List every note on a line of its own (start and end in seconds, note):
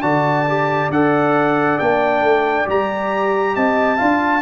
0.00 0.89 D3
0.00 0.46 F#4
0.00 3.53 D5
0.00 0.90 A5
0.48 0.92 G4
0.89 1.78 D4
0.89 1.80 A4
0.89 1.78 F#5
1.78 2.21 A#3
1.78 2.65 D4
1.78 2.67 G5
2.21 2.65 A3
2.65 3.56 G3
2.65 3.97 G4
2.65 3.55 A#5
3.55 4.00 C4
3.55 3.97 D#5
3.55 4.41 A5
3.97 4.41 D4
3.97 4.41 F4
3.97 4.41 F5